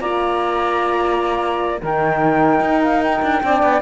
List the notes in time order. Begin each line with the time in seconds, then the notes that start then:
0.00 A#3 F4 D5 A#5
1.82 D#3 D#4 A#4 G5
2.60 D#4
2.83 F5
3.03 G5
3.23 D4
3.43 C4 D4 D5
3.63 B3